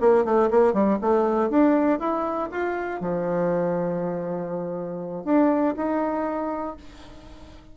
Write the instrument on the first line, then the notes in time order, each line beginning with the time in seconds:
bassoon
0.00 A#3
0.24 A3
0.50 A#3
0.73 G3
1.01 A3
1.49 D4
1.99 E4
2.51 F4
3.00 F3
5.24 D4
5.76 D#4